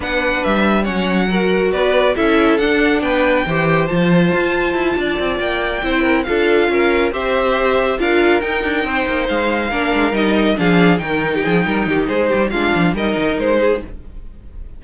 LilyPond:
<<
  \new Staff \with { instrumentName = "violin" } { \time 4/4 \tempo 4 = 139 fis''4 e''4 fis''2 | d''4 e''4 fis''4 g''4~ | g''4 a''2.~ | a''8 g''2 f''4.~ |
f''8 e''2 f''4 g''8~ | g''4. f''2 dis''8~ | dis''8 f''4 g''2~ g''8 | c''4 f''4 dis''4 c''4 | }
  \new Staff \with { instrumentName = "violin" } { \time 4/4 b'2 cis''4 ais'4 | b'4 a'2 b'4 | c''2.~ c''8 d''8~ | d''4. c''8 ais'8 a'4 ais'8~ |
ais'8 c''2 ais'4.~ | ais'8 c''2 ais'4.~ | ais'8 gis'4 ais'8. g'16 gis'8 ais'8 g'8 | gis'8 g'8 f'4 ais'4. gis'8 | }
  \new Staff \with { instrumentName = "viola" } { \time 4/4 d'2 cis'4 fis'4~ | fis'4 e'4 d'2 | g'4 f'2.~ | f'4. e'4 f'4.~ |
f'8 g'2 f'4 dis'8~ | dis'2~ dis'8 d'4 dis'8~ | dis'8 d'4 dis'2~ dis'8~ | dis'4 d'4 dis'2 | }
  \new Staff \with { instrumentName = "cello" } { \time 4/4 b4 g4 fis2 | b4 cis'4 d'4 b4 | e4 f4 f'4 e'8 d'8 | c'8 ais4 c'4 d'4 cis'8~ |
cis'8 c'2 d'4 dis'8 | d'8 c'8 ais8 gis4 ais8 gis8 g8~ | g8 f4 dis4 f8 g8 dis8 | gis8 g8 gis8 f8 g8 dis8 gis4 | }
>>